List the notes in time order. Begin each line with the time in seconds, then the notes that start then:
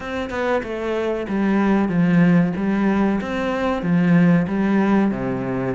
0.00 C4
0.30 B3
0.63 A3
1.28 G3
1.88 F3
2.56 G3
3.21 C4
3.82 F3
4.47 G3
5.11 C3